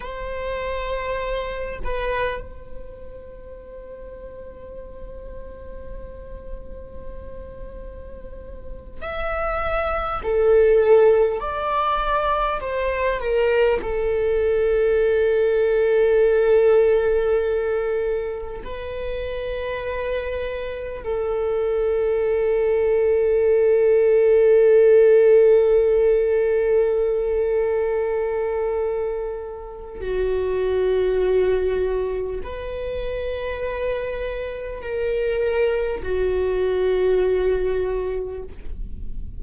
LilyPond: \new Staff \with { instrumentName = "viola" } { \time 4/4 \tempo 4 = 50 c''4. b'8 c''2~ | c''2.~ c''8 e''8~ | e''8 a'4 d''4 c''8 ais'8 a'8~ | a'2.~ a'8 b'8~ |
b'4. a'2~ a'8~ | a'1~ | a'4 fis'2 b'4~ | b'4 ais'4 fis'2 | }